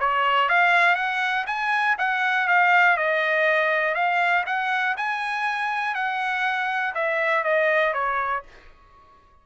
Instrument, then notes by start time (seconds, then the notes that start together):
trumpet
0.00 C#5
0.49 F5
0.96 F#5
1.47 G#5
1.98 F#5
2.48 F5
2.97 D#5
3.95 F5
4.47 F#5
4.97 G#5
5.95 F#5
6.95 E5
7.44 D#5
7.94 C#5